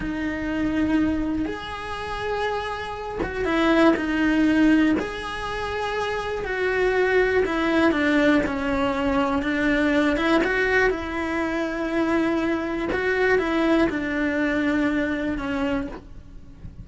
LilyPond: \new Staff \with { instrumentName = "cello" } { \time 4/4 \tempo 4 = 121 dis'2. gis'4~ | gis'2~ gis'8 fis'8 e'4 | dis'2 gis'2~ | gis'4 fis'2 e'4 |
d'4 cis'2 d'4~ | d'8 e'8 fis'4 e'2~ | e'2 fis'4 e'4 | d'2. cis'4 | }